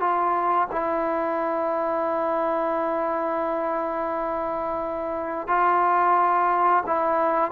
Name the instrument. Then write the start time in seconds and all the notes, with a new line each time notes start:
trombone
0.00 F4
0.72 E4
5.47 F4
6.86 E4